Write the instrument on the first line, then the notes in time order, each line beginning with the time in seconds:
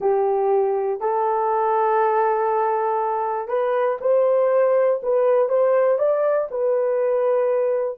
horn
0.00 G4
1.00 A4
3.48 B4
4.00 C5
5.02 B4
5.48 C5
5.98 D5
6.50 B4